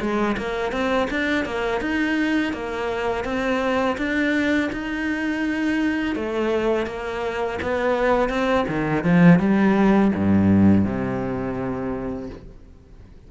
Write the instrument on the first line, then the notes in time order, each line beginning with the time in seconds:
cello
0.00 G#3
0.37 A#3
0.71 C4
1.10 D4
1.45 A#3
1.80 D#4
2.53 A#3
3.24 C4
3.97 D4
4.72 D#4
6.15 A3
6.86 A#3
7.62 B3
8.29 C4
8.68 D#3
9.04 F3
9.39 G3
10.15 G2
10.85 C3